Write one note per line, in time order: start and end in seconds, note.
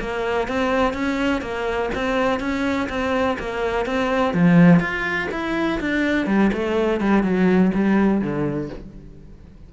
0.00 0.48 A#3
0.48 0.93 C4
0.93 1.41 C#4
1.41 1.90 A#3
1.95 2.40 C4
2.40 2.88 C#4
2.89 3.37 C4
3.39 3.86 A#3
3.86 4.34 C4
4.34 4.80 F3
4.80 5.28 F4
5.31 5.80 E4
5.80 6.27 D4
6.27 6.51 G3
6.53 7.00 A3
7.00 7.23 G3
7.23 7.71 F#3
7.74 8.21 G3
8.21 8.69 D3